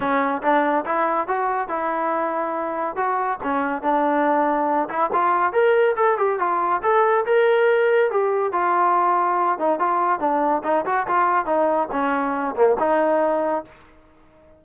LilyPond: \new Staff \with { instrumentName = "trombone" } { \time 4/4 \tempo 4 = 141 cis'4 d'4 e'4 fis'4 | e'2. fis'4 | cis'4 d'2~ d'8 e'8 | f'4 ais'4 a'8 g'8 f'4 |
a'4 ais'2 g'4 | f'2~ f'8 dis'8 f'4 | d'4 dis'8 fis'8 f'4 dis'4 | cis'4. ais8 dis'2 | }